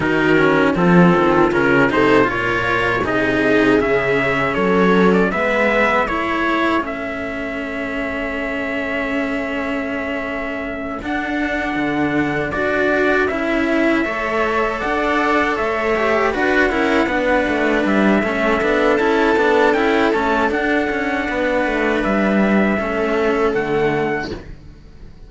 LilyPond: <<
  \new Staff \with { instrumentName = "trumpet" } { \time 4/4 \tempo 4 = 79 ais'4 a'4 ais'8 c''8 cis''4 | dis''4 e''4 cis''8. d''16 e''4 | cis''4 e''2.~ | e''2~ e''8 fis''4.~ |
fis''8 d''4 e''2 fis''8~ | fis''8 e''4 fis''2 e''8~ | e''4 a''4 g''8 a''8 fis''4~ | fis''4 e''2 fis''4 | }
  \new Staff \with { instrumentName = "viola" } { \time 4/4 fis'4 f'4. a'8 ais'4 | gis'2 a'4 b'4 | a'1~ | a'1~ |
a'2~ a'8 cis''4 d''8~ | d''8 cis''4 b'8 ais'8 b'4. | a'1 | b'2 a'2 | }
  \new Staff \with { instrumentName = "cello" } { \time 4/4 dis'8 cis'8 c'4 cis'8 dis'8 f'4 | dis'4 cis'2 b4 | e'4 cis'2.~ | cis'2~ cis'8 d'4.~ |
d'8 fis'4 e'4 a'4.~ | a'4 g'8 fis'8 e'8 d'4. | cis'8 d'8 e'8 d'8 e'8 cis'8 d'4~ | d'2 cis'4 a4 | }
  \new Staff \with { instrumentName = "cello" } { \time 4/4 dis4 f8 dis8 cis8 c8 ais,4 | c4 cis4 fis4 gis4 | a1~ | a2~ a8 d'4 d8~ |
d8 d'4 cis'4 a4 d'8~ | d'8 a4 d'8 cis'8 b8 a8 g8 | a8 b8 cis'8 b8 cis'8 a8 d'8 cis'8 | b8 a8 g4 a4 d4 | }
>>